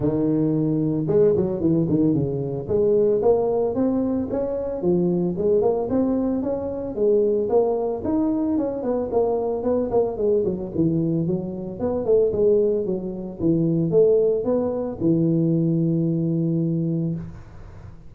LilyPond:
\new Staff \with { instrumentName = "tuba" } { \time 4/4 \tempo 4 = 112 dis2 gis8 fis8 e8 dis8 | cis4 gis4 ais4 c'4 | cis'4 f4 gis8 ais8 c'4 | cis'4 gis4 ais4 dis'4 |
cis'8 b8 ais4 b8 ais8 gis8 fis8 | e4 fis4 b8 a8 gis4 | fis4 e4 a4 b4 | e1 | }